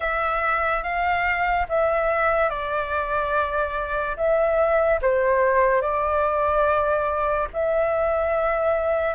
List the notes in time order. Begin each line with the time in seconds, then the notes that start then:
0.00 E5
0.83 F5
1.69 E5
2.49 D5
4.16 E5
5.02 C5
5.81 D5
7.53 E5